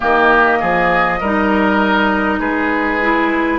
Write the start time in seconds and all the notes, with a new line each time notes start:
0.00 D#3 A#3 G4 D#5
0.59 F3 G#4
1.20 G3 D#4 A#4
2.39 G#3 G#4 B4
3.01 E4